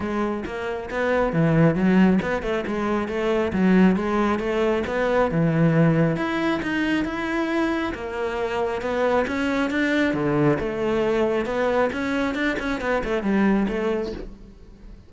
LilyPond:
\new Staff \with { instrumentName = "cello" } { \time 4/4 \tempo 4 = 136 gis4 ais4 b4 e4 | fis4 b8 a8 gis4 a4 | fis4 gis4 a4 b4 | e2 e'4 dis'4 |
e'2 ais2 | b4 cis'4 d'4 d4 | a2 b4 cis'4 | d'8 cis'8 b8 a8 g4 a4 | }